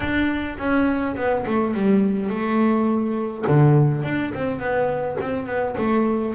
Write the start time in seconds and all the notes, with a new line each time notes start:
0.00 D4
0.58 C#4
1.15 B3
1.46 A3
1.74 G3
2.29 A3
3.47 D3
4.03 D4
4.34 C4
4.59 B3
5.20 C4
5.46 B3
5.77 A3